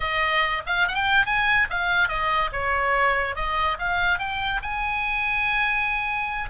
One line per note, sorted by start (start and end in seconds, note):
0.00 0.62 D#5
0.66 0.87 F5
0.88 0.94 F#5
0.94 1.25 G5
1.25 1.67 G#5
1.70 2.08 F5
2.08 2.50 D#5
2.52 3.35 C#5
3.35 3.77 D#5
3.79 4.18 F5
4.18 4.60 G5
4.62 6.49 G#5